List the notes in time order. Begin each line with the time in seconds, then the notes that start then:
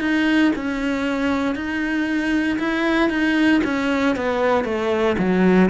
0.00 D#4
0.55 C#4
1.55 D#4
2.59 E4
3.09 D#4
3.64 C#4
4.16 B3
4.64 A3
5.18 F#3